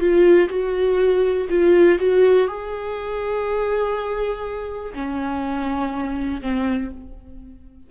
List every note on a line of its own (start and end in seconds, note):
0.00 0.49 F4
0.49 1.48 F#4
1.50 1.99 F4
1.99 2.48 F#4
2.48 4.94 G#4
4.94 6.42 C#4
6.42 6.91 C4